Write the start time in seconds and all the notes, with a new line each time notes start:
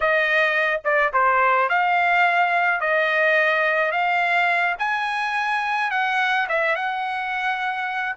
0.00 D#5
0.84 D5
1.13 C5
1.69 F5
2.80 D#5
3.91 F5
4.78 G#5
5.91 F#5
6.48 E5
6.75 F#5